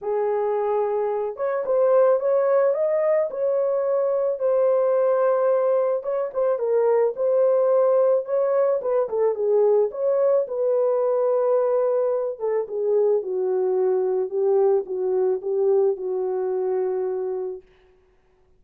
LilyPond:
\new Staff \with { instrumentName = "horn" } { \time 4/4 \tempo 4 = 109 gis'2~ gis'8 cis''8 c''4 | cis''4 dis''4 cis''2 | c''2. cis''8 c''8 | ais'4 c''2 cis''4 |
b'8 a'8 gis'4 cis''4 b'4~ | b'2~ b'8 a'8 gis'4 | fis'2 g'4 fis'4 | g'4 fis'2. | }